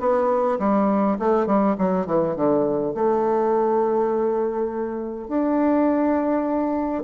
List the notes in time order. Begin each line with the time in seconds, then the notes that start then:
0.00 B3
0.59 G3
1.19 A3
1.47 G3
1.78 F#3
2.06 E3
2.36 D3
2.95 A3
5.28 D4